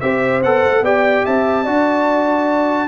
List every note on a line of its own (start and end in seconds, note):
0.00 0.43 C4
0.00 0.43 G4
0.00 0.83 C5
0.00 0.41 E5
0.42 0.64 B3
0.42 0.84 A4
0.42 0.84 F#5
0.64 0.81 A3
0.81 1.23 B3
0.81 1.65 G4
0.81 1.24 D5
0.81 1.25 G5
1.24 1.67 C4
1.24 1.63 E5
1.24 2.88 A5
1.63 2.88 D4
1.63 2.88 F#4
1.63 2.87 D5